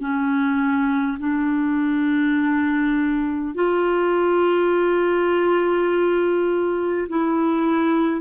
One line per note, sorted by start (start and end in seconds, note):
0.00 1.18 C#4
1.19 3.55 D4
3.55 7.07 F4
7.09 8.21 E4